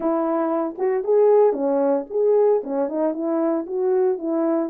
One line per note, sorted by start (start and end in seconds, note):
0.00 0.75 E4
0.78 1.03 F#4
1.03 1.52 G#4
1.52 2.05 C#4
2.10 2.62 G#4
2.63 2.88 C#4
2.88 3.13 D#4
3.13 3.65 E4
3.66 4.18 F#4
4.18 4.70 E4